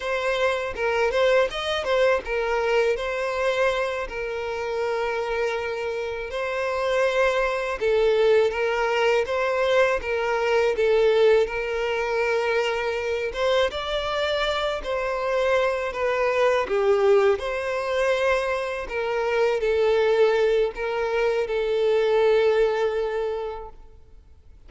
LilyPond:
\new Staff \with { instrumentName = "violin" } { \time 4/4 \tempo 4 = 81 c''4 ais'8 c''8 dis''8 c''8 ais'4 | c''4. ais'2~ ais'8~ | ais'8 c''2 a'4 ais'8~ | ais'8 c''4 ais'4 a'4 ais'8~ |
ais'2 c''8 d''4. | c''4. b'4 g'4 c''8~ | c''4. ais'4 a'4. | ais'4 a'2. | }